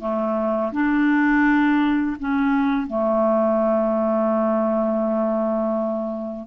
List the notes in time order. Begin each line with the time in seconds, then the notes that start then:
0.00 A3
0.73 D4
2.20 C#4
2.87 A3